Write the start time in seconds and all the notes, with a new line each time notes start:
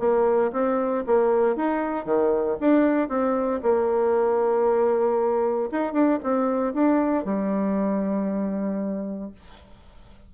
0.00 A#3
0.53 C4
1.07 A#3
1.56 D#4
2.05 D#3
2.61 D4
3.09 C4
3.63 A#3
5.72 D#4
5.93 D4
6.24 C4
6.74 D4
7.25 G3